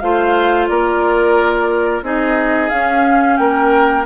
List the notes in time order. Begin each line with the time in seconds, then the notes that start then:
0.00 A3 F4 C5 F5
0.68 A#3 A#4 D5
2.03 C4 D#4 G#4 D#5
2.70 C#4 F5
3.37 A#3 A#4 G5